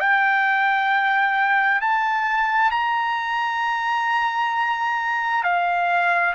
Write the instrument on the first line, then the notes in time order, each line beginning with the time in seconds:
trumpet
0.00 G5
1.81 A5
2.71 A#5
5.43 F5